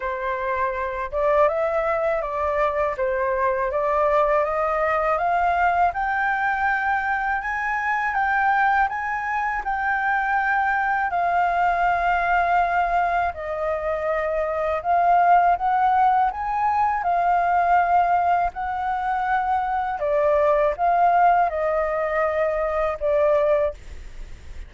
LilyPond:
\new Staff \with { instrumentName = "flute" } { \time 4/4 \tempo 4 = 81 c''4. d''8 e''4 d''4 | c''4 d''4 dis''4 f''4 | g''2 gis''4 g''4 | gis''4 g''2 f''4~ |
f''2 dis''2 | f''4 fis''4 gis''4 f''4~ | f''4 fis''2 d''4 | f''4 dis''2 d''4 | }